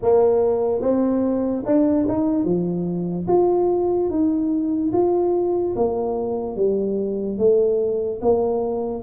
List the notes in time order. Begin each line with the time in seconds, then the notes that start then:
0.02 A#3
0.81 C4
1.65 D4
2.08 D#4
2.44 F3
3.27 F4
4.09 D#4
4.92 F4
5.75 A#3
6.55 G3
7.37 A3
8.21 A#3